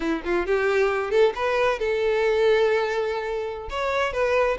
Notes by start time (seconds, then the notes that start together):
0.00 E4
0.24 F4
0.46 G4
1.10 A4
1.35 B4
1.79 A4
3.69 C#5
4.12 B4